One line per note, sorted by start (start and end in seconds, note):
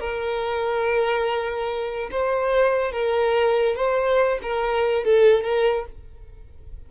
0.00 2.10 A#4
2.11 2.92 C5
2.92 3.76 A#4
3.76 4.39 C5
4.42 5.04 A#4
5.04 5.44 A4
5.44 5.86 A#4